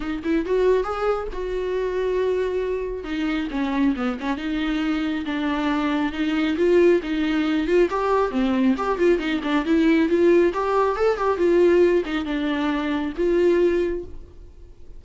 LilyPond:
\new Staff \with { instrumentName = "viola" } { \time 4/4 \tempo 4 = 137 dis'8 e'8 fis'4 gis'4 fis'4~ | fis'2. dis'4 | cis'4 b8 cis'8 dis'2 | d'2 dis'4 f'4 |
dis'4. f'8 g'4 c'4 | g'8 f'8 dis'8 d'8 e'4 f'4 | g'4 a'8 g'8 f'4. dis'8 | d'2 f'2 | }